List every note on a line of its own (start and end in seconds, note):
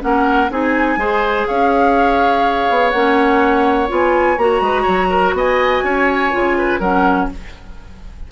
0.00 0.50 A#3
0.00 0.48 C#4
0.00 0.51 A#4
0.00 0.51 F#5
0.50 0.97 C4
0.50 0.99 D#4
0.50 0.99 G#4
0.50 1.47 G#5
0.97 1.45 G#3
0.97 2.93 G#4
0.97 1.48 C5
1.47 2.70 C#4
1.47 4.62 C#5
1.47 2.90 F5
2.70 2.93 B3
2.90 3.90 A#3
2.90 3.88 C#4
2.90 3.87 F#5
3.88 4.38 B3
3.88 4.36 F4
3.88 4.38 G#5
4.38 4.61 A#3
4.38 6.31 F#4
4.38 5.35 A#5
4.61 4.85 G#3
4.61 4.82 B4
4.82 5.33 F#3
4.82 5.06 C#5
5.10 5.34 A#4
5.33 5.82 B3
5.33 5.84 D#5
5.33 6.80 G#5
5.84 6.32 C#4
5.84 6.57 C#5
6.31 6.80 C#3
6.31 6.79 F4
6.58 6.80 B4
6.80 7.28 F#3
6.80 7.31 C#4
6.80 7.28 A#4
6.80 7.29 F#5